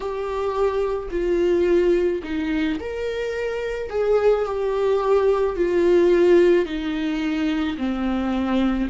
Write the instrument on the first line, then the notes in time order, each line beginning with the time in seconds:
viola
0.00 G4
1.11 F4
2.23 D#4
2.79 A#4
3.89 G#4
4.44 G4
5.56 F4
6.65 D#4
7.77 C4